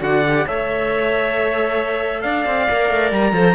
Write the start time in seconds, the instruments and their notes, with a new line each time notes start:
0.00 cello D3, viola F#4, clarinet D5, trumpet F#5
0.27 viola G4
0.47 cello A3, viola A4, clarinet C#5, trumpet E5
2.22 cello D4, clarinet D5, trumpet F5
2.46 cello C4
2.70 cello A#3, viola A#4
2.90 cello A3
3.12 cello G3, trumpet A#5
3.32 cello F3, viola A4, clarinet C5